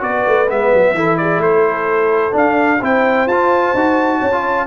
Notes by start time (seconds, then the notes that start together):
0.00 B3 F#4 B4 D5
0.26 A3
0.49 G#3 B3 E5
0.74 F#3
0.94 E3 E4 A4
1.17 G#4 D5
1.38 A3 C5
1.44 A4
2.31 D4 F5
2.80 C4 E4 C5 G5
3.26 F4 A5
3.74 D#4 F#4
4.19 C#4 C#5
4.32 F4